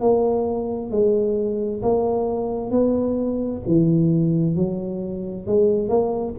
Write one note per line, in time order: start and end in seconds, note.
0.00 0.90 A#3
0.90 1.81 G#3
1.82 2.70 A#3
2.70 3.61 B3
3.67 4.55 E3
4.55 5.46 F#3
5.46 5.88 G#3
5.88 6.34 A#3